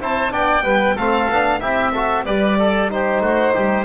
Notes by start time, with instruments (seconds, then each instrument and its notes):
0.00 double bass C4, trombone E4, oboe C5, violin A5
0.30 double bass B3, trombone D4, oboe D5, violin G5
0.63 double bass G3, trombone B3, oboe B4
0.95 double bass A3, trombone C4, oboe A4, violin F5
1.29 double bass B3, trombone D4
1.61 double bass C4, trombone E4, oboe G4, violin E5
1.92 trombone F#4, oboe A4
2.26 double bass G3, trombone G4, oboe B4, violin D5
2.59 oboe A4
2.90 trombone D#4, oboe G4, violin C5
3.21 double bass A3, oboe F#4
3.54 double bass G3, oboe G4